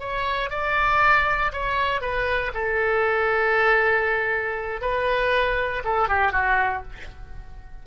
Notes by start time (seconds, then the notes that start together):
0.00 C#5
0.51 D5
1.53 C#5
2.02 B4
2.54 A4
4.82 B4
5.85 A4
6.09 G4
6.33 F#4